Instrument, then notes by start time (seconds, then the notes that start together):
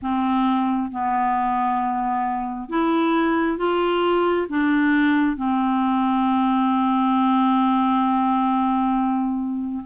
clarinet
0.02 C4
0.91 B3
2.69 E4
3.57 F4
4.49 D4
5.36 C4